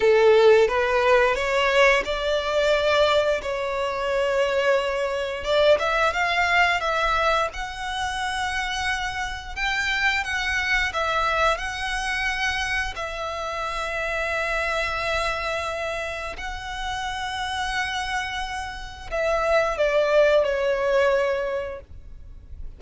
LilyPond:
\new Staff \with { instrumentName = "violin" } { \time 4/4 \tempo 4 = 88 a'4 b'4 cis''4 d''4~ | d''4 cis''2. | d''8 e''8 f''4 e''4 fis''4~ | fis''2 g''4 fis''4 |
e''4 fis''2 e''4~ | e''1 | fis''1 | e''4 d''4 cis''2 | }